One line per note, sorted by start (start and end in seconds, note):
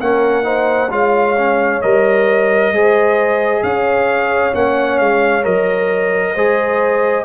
0.00 0.90 A#3
0.00 0.43 C#4
0.00 0.45 A#4
0.00 0.91 F#5
0.43 0.89 D#4
0.43 0.90 C5
0.90 1.81 G#3
0.90 1.36 F4
0.90 2.73 C#5
0.90 1.82 F5
1.38 1.83 C#4
1.82 2.72 G3
1.82 2.74 A#4
1.82 3.63 D#5
2.72 3.62 G#3
2.72 4.53 G#4
2.72 3.64 C5
3.63 4.54 C#4
3.63 6.34 C#5
3.63 4.54 F5
4.53 5.00 A#3
4.53 5.43 C#4
4.53 4.98 F#5
4.98 5.45 G#3
4.98 5.44 F5
5.43 6.36 F#3
5.43 6.34 A#4
5.43 7.25 D#5
6.34 7.25 G#3
6.34 7.25 G#4
6.34 7.25 C5